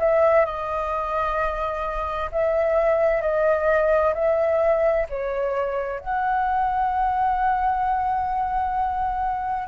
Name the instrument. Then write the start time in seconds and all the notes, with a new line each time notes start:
flute
0.00 E5
0.46 D#5
2.32 E5
3.22 D#5
4.15 E5
5.10 C#5
6.00 F#5